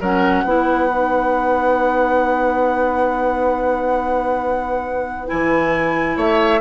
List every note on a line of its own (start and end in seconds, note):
0.00 0.44 F#3
0.00 0.46 C#4
0.00 0.44 A#4
0.00 5.28 F#5
0.44 5.29 B3
0.44 0.89 E4
0.44 6.16 B4
0.89 5.27 D#4
5.27 6.16 E3
5.27 6.59 E4
5.27 6.16 G#5
6.16 6.60 A3
6.16 6.60 C#5
6.16 6.61 E5